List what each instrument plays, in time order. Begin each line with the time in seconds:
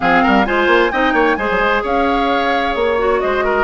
0.00 bassoon F3, clarinet C4, oboe G#4, flute F5
0.22 bassoon G3, oboe A#4
0.45 bassoon G#3, clarinet F4, oboe C5, flute G#5
0.66 bassoon A#3
0.91 bassoon C4, clarinet D#4, oboe D#5, flute G5
1.13 bassoon A#3, oboe C#5
1.35 bassoon G#3, clarinet G#4, oboe C5, flute G#5
1.50 bassoon F#3
1.59 bassoon G#3
1.83 bassoon C#4, oboe C#5, flute F5
2.75 bassoon A#3, flute C#5
2.98 clarinet F#4
3.20 bassoon G#3, oboe C5, flute D#5
3.44 oboe A#4